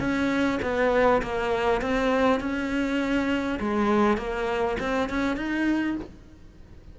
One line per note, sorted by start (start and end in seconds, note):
0.00 0.59 C#4
0.62 1.22 B3
1.22 1.81 A#3
1.81 2.40 C4
2.40 3.59 C#4
3.60 4.17 G#3
4.17 4.77 A#3
4.80 5.10 C4
5.10 5.37 C#4
5.37 5.96 D#4